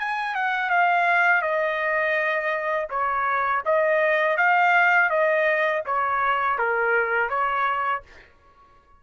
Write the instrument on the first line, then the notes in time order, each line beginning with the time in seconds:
trumpet
0.00 G#5
0.35 F#5
0.70 F5
1.42 D#5
2.90 C#5
3.66 D#5
4.37 F5
5.10 D#5
5.86 C#5
6.59 A#4
7.30 C#5